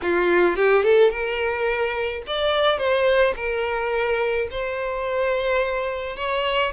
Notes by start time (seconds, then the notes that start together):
0.02 F4
0.56 G4
0.83 A4
1.10 A#4
2.26 D5
2.78 C5
3.35 A#4
4.50 C5
6.16 C#5